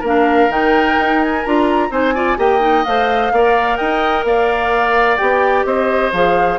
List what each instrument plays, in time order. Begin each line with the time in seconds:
0.00 bassoon A#3, clarinet D4, oboe A#4
0.06 flute F5
0.49 bassoon D#3, clarinet D#4, flute G5
0.98 bassoon D#4
1.22 flute G#5
1.45 bassoon D4, clarinet F4, flute A#5
1.90 bassoon C4, clarinet D#4, oboe C5, flute G#5
2.14 clarinet F4, oboe D5
2.37 bassoon A#3, clarinet G4, oboe D#5, flute G5
2.59 clarinet D#4
2.84 bassoon A3, clarinet C5, flute F5
3.32 bassoon A#3, clarinet A#4, oboe D5
3.77 bassoon D#4, oboe D#5, flute G5
4.24 bassoon A#3, oboe D5, flute F5
5.17 bassoon B3, clarinet G4, flute G5
5.65 bassoon C4, oboe C5, flute D#5
6.12 bassoon F3, clarinet G#4, flute F5